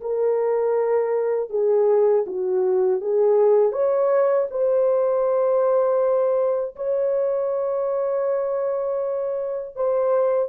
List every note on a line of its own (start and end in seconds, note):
0.00 1.50 A#4
1.50 2.25 G#4
2.26 3.00 F#4
3.00 3.72 G#4
3.72 4.47 C#5
4.50 6.75 C5
6.75 9.75 C#5
9.75 10.49 C5